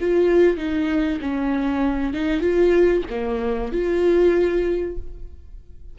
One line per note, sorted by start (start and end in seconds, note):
0.00 0.57 F4
0.57 1.19 D#4
1.21 2.13 C#4
2.13 2.40 D#4
2.40 3.03 F4
3.09 3.72 A#3
3.72 4.97 F4